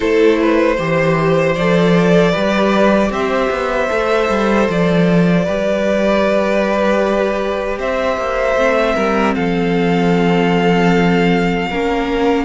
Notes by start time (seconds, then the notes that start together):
0.00 A3 E4 A4 C5
0.40 B4
0.76 E3 G4 C5
1.55 F3 A4 D5
2.31 G3 G4 B4
3.10 C4 C5 E5
3.50 B3
3.88 A3 A4
4.29 G3
4.69 F3 D5
5.44 G3 G4 B4
7.78 C4 C5 E5
8.17 A#3
8.55 A3 C4
8.95 G3 A#4
9.34 F3 A4 F5
11.69 A#3 C#4 A#4